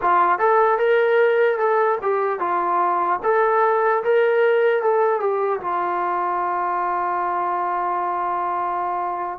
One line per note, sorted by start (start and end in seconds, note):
0.01 0.39 F4
0.39 0.78 A4
0.78 1.58 A#4
1.58 1.98 A4
2.02 2.39 G4
2.39 3.19 F4
3.23 4.03 A4
4.03 4.82 A#4
4.82 5.20 A4
5.20 5.60 G4
5.60 9.39 F4